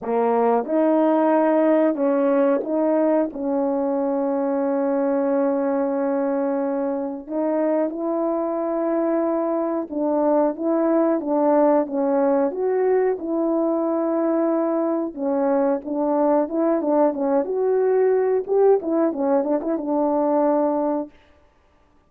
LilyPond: \new Staff \with { instrumentName = "horn" } { \time 4/4 \tempo 4 = 91 ais4 dis'2 cis'4 | dis'4 cis'2.~ | cis'2. dis'4 | e'2. d'4 |
e'4 d'4 cis'4 fis'4 | e'2. cis'4 | d'4 e'8 d'8 cis'8 fis'4. | g'8 e'8 cis'8 d'16 e'16 d'2 | }